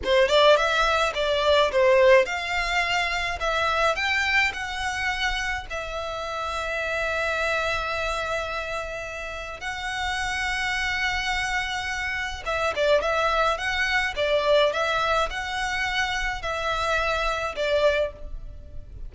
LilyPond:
\new Staff \with { instrumentName = "violin" } { \time 4/4 \tempo 4 = 106 c''8 d''8 e''4 d''4 c''4 | f''2 e''4 g''4 | fis''2 e''2~ | e''1~ |
e''4 fis''2.~ | fis''2 e''8 d''8 e''4 | fis''4 d''4 e''4 fis''4~ | fis''4 e''2 d''4 | }